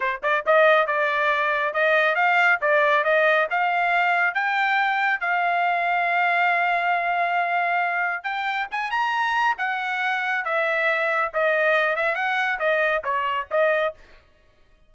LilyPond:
\new Staff \with { instrumentName = "trumpet" } { \time 4/4 \tempo 4 = 138 c''8 d''8 dis''4 d''2 | dis''4 f''4 d''4 dis''4 | f''2 g''2 | f''1~ |
f''2. g''4 | gis''8 ais''4. fis''2 | e''2 dis''4. e''8 | fis''4 dis''4 cis''4 dis''4 | }